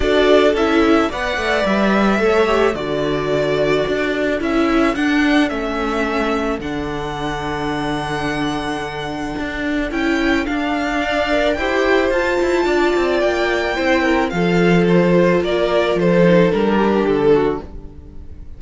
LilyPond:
<<
  \new Staff \with { instrumentName = "violin" } { \time 4/4 \tempo 4 = 109 d''4 e''4 fis''4 e''4~ | e''4 d''2. | e''4 fis''4 e''2 | fis''1~ |
fis''2 g''4 f''4~ | f''4 g''4 a''2 | g''2 f''4 c''4 | d''4 c''4 ais'4 a'4 | }
  \new Staff \with { instrumentName = "violin" } { \time 4/4 a'2 d''2 | cis''4 a'2.~ | a'1~ | a'1~ |
a'1 | d''4 c''2 d''4~ | d''4 c''8 ais'8 a'2 | ais'4 a'4. g'4 fis'8 | }
  \new Staff \with { instrumentName = "viola" } { \time 4/4 fis'4 e'4 b'2 | a'8 g'8 fis'2. | e'4 d'4 cis'2 | d'1~ |
d'2 e'4 d'4~ | d'8 ais'8 g'4 f'2~ | f'4 e'4 f'2~ | f'4. dis'8 d'2 | }
  \new Staff \with { instrumentName = "cello" } { \time 4/4 d'4 cis'4 b8 a8 g4 | a4 d2 d'4 | cis'4 d'4 a2 | d1~ |
d4 d'4 cis'4 d'4~ | d'4 e'4 f'8 e'8 d'8 c'8 | ais4 c'4 f2 | ais4 f4 g4 d4 | }
>>